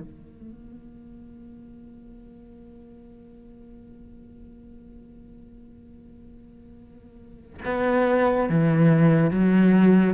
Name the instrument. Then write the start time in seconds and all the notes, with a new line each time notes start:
cello
0.00 A#3
7.64 B3
8.49 E3
9.30 F#3